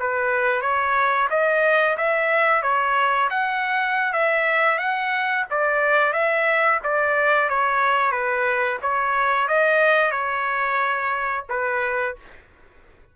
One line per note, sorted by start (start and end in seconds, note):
0.00 0.62 B4
0.62 1.28 C#5
1.30 1.97 D#5
1.97 2.62 E5
2.62 3.29 C#5
3.30 4.13 F#5
4.13 4.79 E5
4.79 5.45 F#5
5.51 6.13 D5
6.13 6.80 E5
6.84 7.49 D5
7.49 8.12 C#5
8.12 8.78 B4
8.82 9.48 C#5
9.48 10.12 D#5
10.12 11.45 C#5
11.49 12.16 B4